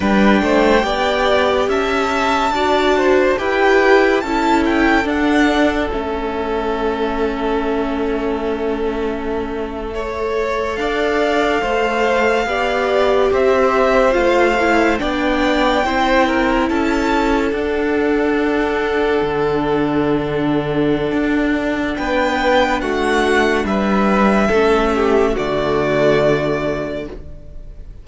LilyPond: <<
  \new Staff \with { instrumentName = "violin" } { \time 4/4 \tempo 4 = 71 g''2 a''2 | g''4 a''8 g''8 fis''4 e''4~ | e''1~ | e''8. f''2. e''16~ |
e''8. f''4 g''2 a''16~ | a''8. fis''2.~ fis''16~ | fis''2 g''4 fis''4 | e''2 d''2 | }
  \new Staff \with { instrumentName = "violin" } { \time 4/4 b'8 c''8 d''4 e''4 d''8 c''8 | b'4 a'2.~ | a'2.~ a'8. cis''16~ | cis''8. d''4 c''4 d''4 c''16~ |
c''4.~ c''16 d''4 c''8 ais'8 a'16~ | a'1~ | a'2 b'4 fis'4 | b'4 a'8 g'8 fis'2 | }
  \new Staff \with { instrumentName = "viola" } { \time 4/4 d'4 g'2 fis'4 | g'4 e'4 d'4 cis'4~ | cis'2.~ cis'8. a'16~ | a'2~ a'8. g'4~ g'16~ |
g'8. f'8 e'8 d'4 e'4~ e'16~ | e'8. d'2.~ d'16~ | d'1~ | d'4 cis'4 a2 | }
  \new Staff \with { instrumentName = "cello" } { \time 4/4 g8 a8 b4 cis'4 d'4 | e'4 cis'4 d'4 a4~ | a1~ | a8. d'4 a4 b4 c'16~ |
c'8. a4 b4 c'4 cis'16~ | cis'8. d'2 d4~ d16~ | d4 d'4 b4 a4 | g4 a4 d2 | }
>>